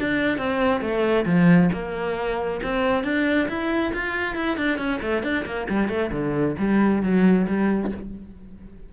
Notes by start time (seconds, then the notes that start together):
0.00 D4
0.38 C4
0.81 A3
1.26 F3
1.73 A#3
2.63 C4
3.04 D4
3.49 E4
3.94 F4
4.36 E4
4.57 D4
4.78 C#4
5.02 A3
5.23 D4
5.46 A#3
5.70 G3
5.89 A3
6.12 D3
6.59 G3
7.03 F#3
7.48 G3